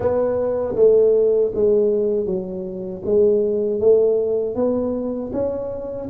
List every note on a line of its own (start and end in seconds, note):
0.00 0.75 B3
0.75 1.51 A3
1.54 2.26 G#3
2.26 3.02 F#3
3.05 3.80 G#3
3.80 4.55 A3
4.55 5.31 B3
5.33 6.09 C#4